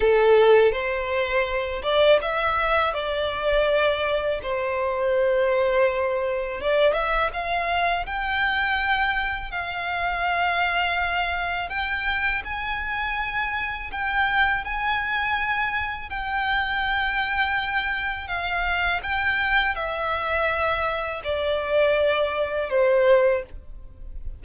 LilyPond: \new Staff \with { instrumentName = "violin" } { \time 4/4 \tempo 4 = 82 a'4 c''4. d''8 e''4 | d''2 c''2~ | c''4 d''8 e''8 f''4 g''4~ | g''4 f''2. |
g''4 gis''2 g''4 | gis''2 g''2~ | g''4 f''4 g''4 e''4~ | e''4 d''2 c''4 | }